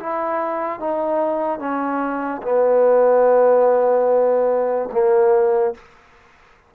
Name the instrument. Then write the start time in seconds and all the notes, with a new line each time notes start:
trombone
0.00 E4
0.80 D#4
1.60 C#4
2.43 B3
4.92 A#3